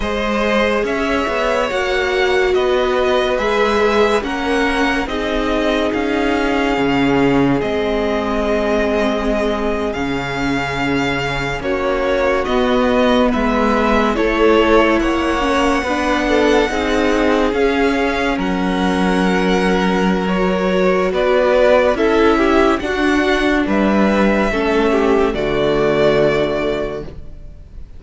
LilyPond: <<
  \new Staff \with { instrumentName = "violin" } { \time 4/4 \tempo 4 = 71 dis''4 e''4 fis''4 dis''4 | e''4 fis''4 dis''4 f''4~ | f''4 dis''2~ dis''8. f''16~ | f''4.~ f''16 cis''4 dis''4 e''16~ |
e''8. cis''4 fis''2~ fis''16~ | fis''8. f''4 fis''2~ fis''16 | cis''4 d''4 e''4 fis''4 | e''2 d''2 | }
  \new Staff \with { instrumentName = "violin" } { \time 4/4 c''4 cis''2 b'4~ | b'4 ais'4 gis'2~ | gis'1~ | gis'4.~ gis'16 fis'2 b'16~ |
b'8. a'4 cis''4 b'8 a'8 gis'16~ | gis'4.~ gis'16 ais'2~ ais'16~ | ais'4 b'4 a'8 g'8 fis'4 | b'4 a'8 g'8 fis'2 | }
  \new Staff \with { instrumentName = "viola" } { \time 4/4 gis'2 fis'2 | gis'4 cis'4 dis'2 | cis'4 c'2~ c'8. cis'16~ | cis'2~ cis'8. b4~ b16~ |
b8. e'4. cis'8 d'4 dis'16~ | dis'8. cis'2.~ cis'16 | fis'2 e'4 d'4~ | d'4 cis'4 a2 | }
  \new Staff \with { instrumentName = "cello" } { \time 4/4 gis4 cis'8 b8 ais4 b4 | gis4 ais4 c'4 cis'4 | cis4 gis2~ gis8. cis16~ | cis4.~ cis16 ais4 b4 gis16~ |
gis8. a4 ais4 b4 c'16~ | c'8. cis'4 fis2~ fis16~ | fis4 b4 cis'4 d'4 | g4 a4 d2 | }
>>